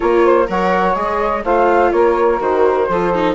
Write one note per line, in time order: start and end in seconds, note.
0.00 0.48 A#3
0.00 0.47 F4
0.00 0.24 A#4
0.00 0.46 C#5
0.24 0.48 C5
0.47 0.95 F#3
0.47 0.93 A#4
0.47 1.44 C#5
0.47 0.96 F#5
0.93 1.43 G#3
0.93 1.41 G#4
0.93 1.44 D#5
1.44 1.92 A3
1.44 2.38 F4
1.44 1.92 C5
1.44 1.92 F5
1.92 2.40 A#3
1.92 2.88 A#4
1.92 2.40 C#5
2.38 2.88 D#3
2.38 2.86 F#4
2.38 3.35 C5
2.88 3.35 F3
2.88 3.14 F4
2.88 3.35 A4
3.14 3.35 D#4